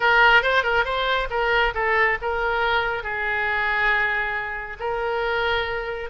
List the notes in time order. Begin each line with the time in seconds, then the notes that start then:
0.00 A#4
0.42 C5
0.63 A#4
0.84 C5
1.29 A#4
1.74 A4
2.21 A#4
3.03 G#4
4.79 A#4